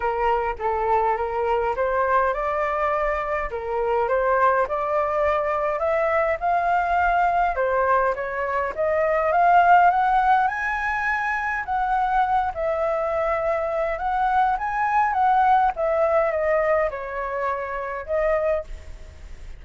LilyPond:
\new Staff \with { instrumentName = "flute" } { \time 4/4 \tempo 4 = 103 ais'4 a'4 ais'4 c''4 | d''2 ais'4 c''4 | d''2 e''4 f''4~ | f''4 c''4 cis''4 dis''4 |
f''4 fis''4 gis''2 | fis''4. e''2~ e''8 | fis''4 gis''4 fis''4 e''4 | dis''4 cis''2 dis''4 | }